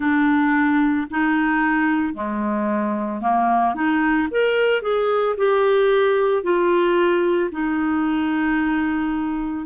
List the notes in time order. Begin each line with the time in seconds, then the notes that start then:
0.00 D4
1.10 D#4
2.14 G#3
3.21 A#3
3.75 D#4
4.31 A#4
4.82 G#4
5.37 G4
6.43 F4
7.51 D#4